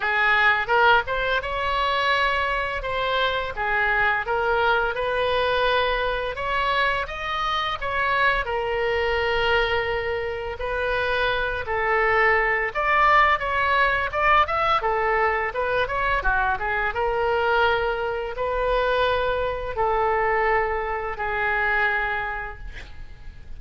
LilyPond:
\new Staff \with { instrumentName = "oboe" } { \time 4/4 \tempo 4 = 85 gis'4 ais'8 c''8 cis''2 | c''4 gis'4 ais'4 b'4~ | b'4 cis''4 dis''4 cis''4 | ais'2. b'4~ |
b'8 a'4. d''4 cis''4 | d''8 e''8 a'4 b'8 cis''8 fis'8 gis'8 | ais'2 b'2 | a'2 gis'2 | }